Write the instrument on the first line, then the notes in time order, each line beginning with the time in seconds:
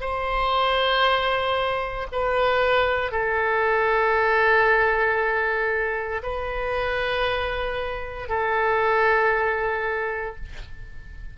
oboe
0.00 C5
2.12 B4
3.11 A4
6.23 B4
8.29 A4